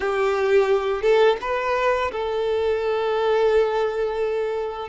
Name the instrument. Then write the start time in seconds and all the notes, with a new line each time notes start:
violin
0.00 G4
1.01 A4
1.41 B4
2.11 A4